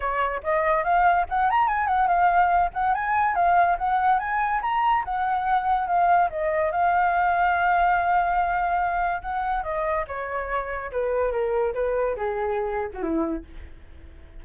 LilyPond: \new Staff \with { instrumentName = "flute" } { \time 4/4 \tempo 4 = 143 cis''4 dis''4 f''4 fis''8 ais''8 | gis''8 fis''8 f''4. fis''8 gis''4 | f''4 fis''4 gis''4 ais''4 | fis''2 f''4 dis''4 |
f''1~ | f''2 fis''4 dis''4 | cis''2 b'4 ais'4 | b'4 gis'4.~ gis'16 fis'16 e'4 | }